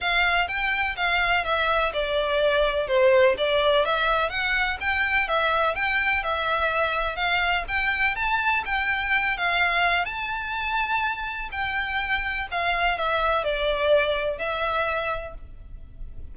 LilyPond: \new Staff \with { instrumentName = "violin" } { \time 4/4 \tempo 4 = 125 f''4 g''4 f''4 e''4 | d''2 c''4 d''4 | e''4 fis''4 g''4 e''4 | g''4 e''2 f''4 |
g''4 a''4 g''4. f''8~ | f''4 a''2. | g''2 f''4 e''4 | d''2 e''2 | }